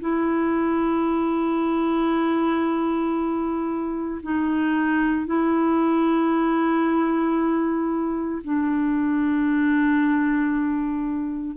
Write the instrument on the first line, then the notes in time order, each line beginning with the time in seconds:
clarinet
0.00 E4
4.22 D#4
5.26 E4
8.44 D4